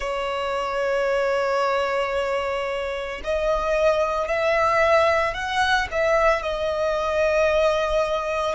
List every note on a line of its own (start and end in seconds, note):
0.00 3.21 C#5
3.24 4.28 D#5
4.28 5.34 E5
5.34 5.87 F#5
5.91 6.42 E5
6.42 8.55 D#5